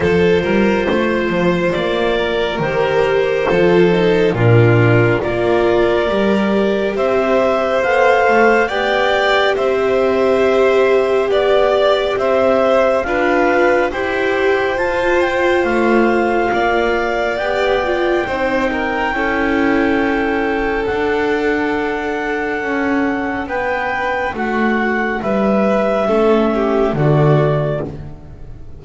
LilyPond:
<<
  \new Staff \with { instrumentName = "clarinet" } { \time 4/4 \tempo 4 = 69 c''2 d''4 c''4~ | c''4 ais'4 d''2 | e''4 f''4 g''4 e''4~ | e''4 d''4 e''4 f''4 |
g''4 a''8 g''8 f''2 | g''1 | fis''2. g''4 | fis''4 e''2 d''4 | }
  \new Staff \with { instrumentName = "violin" } { \time 4/4 a'8 ais'8 c''4. ais'4. | a'4 f'4 ais'2 | c''2 d''4 c''4~ | c''4 d''4 c''4 b'4 |
c''2. d''4~ | d''4 c''8 ais'8 a'2~ | a'2. b'4 | fis'4 b'4 a'8 g'8 fis'4 | }
  \new Staff \with { instrumentName = "viola" } { \time 4/4 f'2. g'4 | f'8 dis'8 d'4 f'4 g'4~ | g'4 a'4 g'2~ | g'2. f'4 |
g'4 f'2. | g'8 f'8 dis'4 e'2 | d'1~ | d'2 cis'4 a4 | }
  \new Staff \with { instrumentName = "double bass" } { \time 4/4 f8 g8 a8 f8 ais4 dis4 | f4 ais,4 ais4 g4 | c'4 b8 a8 b4 c'4~ | c'4 b4 c'4 d'4 |
e'4 f'4 a4 ais4 | b4 c'4 cis'2 | d'2 cis'4 b4 | a4 g4 a4 d4 | }
>>